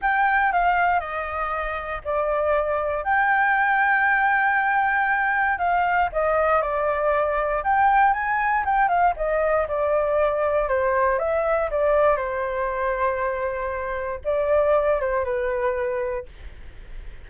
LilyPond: \new Staff \with { instrumentName = "flute" } { \time 4/4 \tempo 4 = 118 g''4 f''4 dis''2 | d''2 g''2~ | g''2. f''4 | dis''4 d''2 g''4 |
gis''4 g''8 f''8 dis''4 d''4~ | d''4 c''4 e''4 d''4 | c''1 | d''4. c''8 b'2 | }